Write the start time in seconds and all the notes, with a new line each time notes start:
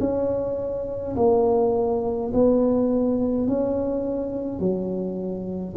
0.00 C#4
1.16 A#3
2.34 B3
3.48 C#4
4.59 F#3